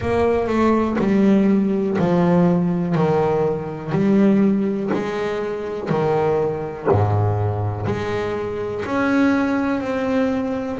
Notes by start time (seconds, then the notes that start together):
0.00 A#3
0.47 A3
0.98 G3
1.99 F3
2.95 D#3
3.92 G3
4.93 G#3
5.89 D#3
6.91 G#2
7.86 G#3
8.85 C#4
9.80 C4